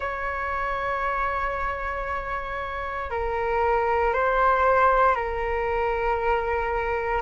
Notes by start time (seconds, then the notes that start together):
0.00 C#5
3.10 A#4
4.13 C5
5.14 A#4